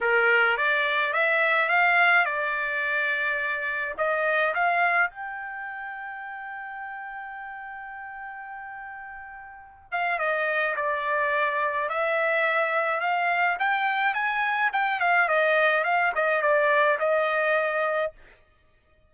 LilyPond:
\new Staff \with { instrumentName = "trumpet" } { \time 4/4 \tempo 4 = 106 ais'4 d''4 e''4 f''4 | d''2. dis''4 | f''4 g''2.~ | g''1~ |
g''4. f''8 dis''4 d''4~ | d''4 e''2 f''4 | g''4 gis''4 g''8 f''8 dis''4 | f''8 dis''8 d''4 dis''2 | }